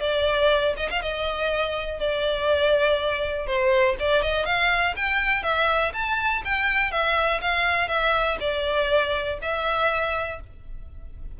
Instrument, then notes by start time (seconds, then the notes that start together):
violin
0.00 D5
0.77 D#5
0.90 F5
1.01 D#5
1.99 D5
3.46 C5
3.99 D5
4.22 D#5
4.45 F5
4.96 G5
5.43 E5
5.93 A5
6.44 G5
6.91 E5
7.41 F5
7.88 E5
8.40 D5
9.41 E5